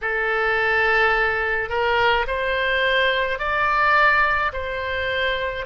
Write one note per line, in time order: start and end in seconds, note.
0.01 1.69 A4
1.69 2.25 A#4
2.27 3.38 C5
3.38 4.51 D5
4.52 5.66 C5